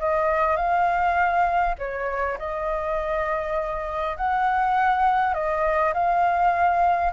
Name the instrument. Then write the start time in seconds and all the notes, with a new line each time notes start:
flute
0.00 D#5
0.57 F5
1.79 C#5
2.39 D#5
4.17 F#5
5.34 D#5
5.94 F5